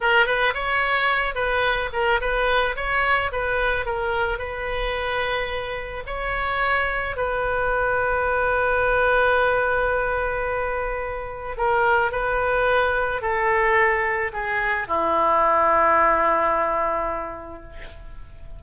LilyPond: \new Staff \with { instrumentName = "oboe" } { \time 4/4 \tempo 4 = 109 ais'8 b'8 cis''4. b'4 ais'8 | b'4 cis''4 b'4 ais'4 | b'2. cis''4~ | cis''4 b'2.~ |
b'1~ | b'4 ais'4 b'2 | a'2 gis'4 e'4~ | e'1 | }